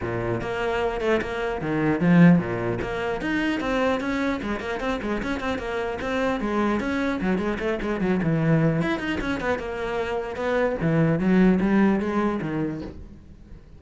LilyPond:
\new Staff \with { instrumentName = "cello" } { \time 4/4 \tempo 4 = 150 ais,4 ais4. a8 ais4 | dis4 f4 ais,4 ais4 | dis'4 c'4 cis'4 gis8 ais8 | c'8 gis8 cis'8 c'8 ais4 c'4 |
gis4 cis'4 fis8 gis8 a8 gis8 | fis8 e4. e'8 dis'8 cis'8 b8 | ais2 b4 e4 | fis4 g4 gis4 dis4 | }